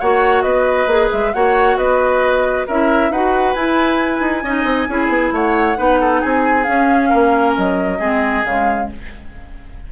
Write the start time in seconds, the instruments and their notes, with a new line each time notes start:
0.00 bassoon A#3, clarinet F#4, oboe C#5, flute F#5
0.42 bassoon B3, oboe B4, flute D#5
0.86 bassoon A#3, clarinet G#4
1.12 bassoon G#3, flute E5
1.34 bassoon A#3, clarinet F#4, oboe C#5, flute F#5
1.77 bassoon B3, oboe B4, flute D#5
2.67 bassoon C#4, clarinet E4, oboe A#4, flute E5
3.10 bassoon D#4, clarinet F#4, oboe B4, flute F#5
3.54 bassoon E4, clarinet E4, flute G#5
4.20 bassoon D#4
4.43 bassoon C#4, clarinet D#4, oboe D#5
4.64 bassoon C4
4.89 bassoon C#4, clarinet E4, oboe G#4
5.08 bassoon B3
5.32 bassoon A3, oboe C#5, flute F#5
5.77 bassoon B3, clarinet D#4, oboe B4
6.01 oboe A4
6.21 bassoon C4, oboe G#4, flute G#5
6.64 bassoon C#4, clarinet C#4, flute F5
7.09 bassoon A#3, oboe A#4
7.57 bassoon F#3, flute D#5
7.99 bassoon G#3, clarinet C4, oboe G#4
8.45 bassoon C#3, clarinet G#3, flute F5